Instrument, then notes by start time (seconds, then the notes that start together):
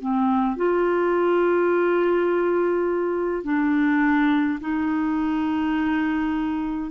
clarinet
0.00 C4
0.57 F4
3.44 D4
4.60 D#4